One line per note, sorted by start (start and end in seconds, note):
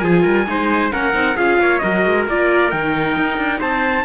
0.00 0.25 F3
0.00 0.47 F4
0.00 0.23 G#4
0.00 0.90 G#5
0.23 0.48 G3
0.23 0.45 A#4
0.47 0.93 G#3
0.47 0.92 D#4
0.47 0.93 C5
0.92 1.15 A#3
0.92 1.14 C#4
0.92 1.37 A#4
0.92 1.37 F#5
1.14 1.37 C4
1.14 1.36 D#4
1.37 1.60 C#4
1.37 1.82 F4
1.37 1.59 G#4
1.37 1.79 F5
1.60 1.82 A#3
1.60 1.83 C#5
1.79 2.06 F#3
1.79 2.27 F#4
1.79 3.59 A#4
1.79 2.24 D#5
2.06 2.28 G#3
2.28 2.73 A#3
2.28 2.72 F4
2.28 2.71 D5
2.71 3.17 D#3
2.71 4.05 D#4
2.71 3.61 G5
3.17 3.38 D#4
3.38 3.60 D4
3.59 4.05 C4
3.59 4.04 C5
3.59 4.05 A5